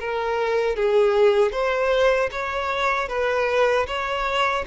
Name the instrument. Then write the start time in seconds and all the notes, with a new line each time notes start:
violin
0.00 A#4
0.77 G#4
1.52 C5
2.32 C#5
3.09 B4
3.87 C#5